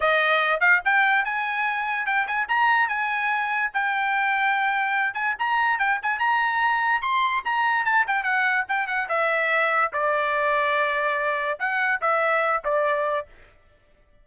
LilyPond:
\new Staff \with { instrumentName = "trumpet" } { \time 4/4 \tempo 4 = 145 dis''4. f''8 g''4 gis''4~ | gis''4 g''8 gis''8 ais''4 gis''4~ | gis''4 g''2.~ | g''8 gis''8 ais''4 g''8 gis''8 ais''4~ |
ais''4 c'''4 ais''4 a''8 g''8 | fis''4 g''8 fis''8 e''2 | d''1 | fis''4 e''4. d''4. | }